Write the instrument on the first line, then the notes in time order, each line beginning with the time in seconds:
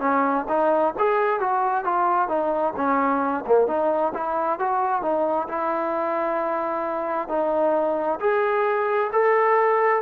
trombone
0.00 C#4
0.48 D#4
0.98 G#4
1.40 F#4
1.84 F4
2.29 D#4
2.76 C#4
3.46 A#3
3.67 D#4
4.14 E4
4.59 F#4
5.02 D#4
5.48 E4
7.29 D#4
8.20 G#4
9.12 A4